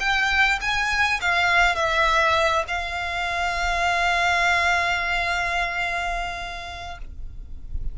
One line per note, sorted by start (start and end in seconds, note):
0.00 0.59 G5
0.61 1.20 G#5
1.21 1.75 F5
1.75 2.64 E5
2.68 6.98 F5